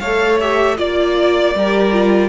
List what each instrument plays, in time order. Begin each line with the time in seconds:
0.00 cello A3, viola A4, violin C#5 F5
0.41 viola G4, violin E5
0.78 cello A#3, viola F4, violin D5
1.55 cello G3, viola G4, violin A#4
1.93 viola F4